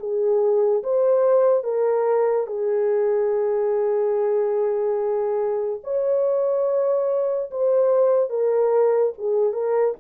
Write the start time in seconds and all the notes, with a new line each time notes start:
0.00 G#4
0.84 C5
1.64 A#4
2.47 G#4
5.84 C#5
7.51 C5
8.30 A#4
9.19 G#4
9.53 A#4